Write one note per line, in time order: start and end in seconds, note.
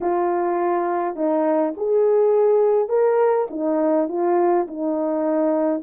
0.00 1.15 F4
1.15 1.73 D#4
1.76 2.88 G#4
2.88 3.47 A#4
3.50 4.08 D#4
4.08 4.66 F4
4.67 5.82 D#4